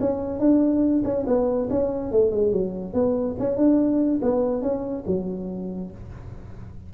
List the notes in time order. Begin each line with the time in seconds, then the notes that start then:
0.00 C#4
0.40 D4
1.05 C#4
1.27 B3
1.70 C#4
2.12 A3
2.31 G#3
2.52 F#3
2.94 B3
3.39 C#4
3.57 D4
4.22 B3
4.62 C#4
5.07 F#3